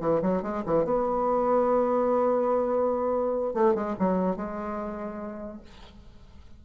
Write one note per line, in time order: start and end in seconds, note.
0.00 0.21 E3
0.22 0.42 F#3
0.42 0.63 G#3
0.66 0.85 E3
0.85 3.54 B3
3.54 3.74 A3
3.74 3.95 G#3
3.99 4.36 F#3
4.36 5.61 G#3